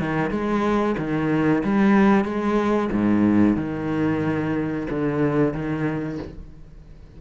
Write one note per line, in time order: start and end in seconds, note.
0.00 0.31 D#3
0.31 0.96 G#3
0.98 1.63 D#3
1.64 2.24 G3
2.24 2.90 G#3
2.92 3.56 G#2
3.56 4.87 D#3
4.90 5.53 D3
5.53 6.18 D#3